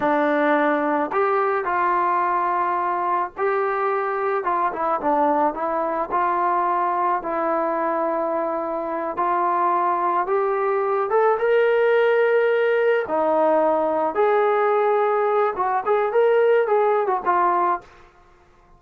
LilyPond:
\new Staff \with { instrumentName = "trombone" } { \time 4/4 \tempo 4 = 108 d'2 g'4 f'4~ | f'2 g'2 | f'8 e'8 d'4 e'4 f'4~ | f'4 e'2.~ |
e'8 f'2 g'4. | a'8 ais'2. dis'8~ | dis'4. gis'2~ gis'8 | fis'8 gis'8 ais'4 gis'8. fis'16 f'4 | }